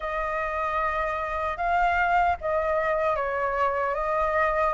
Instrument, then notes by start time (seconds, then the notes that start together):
flute
0.00 D#5
1.57 F5
2.40 D#5
3.16 C#5
3.94 D#5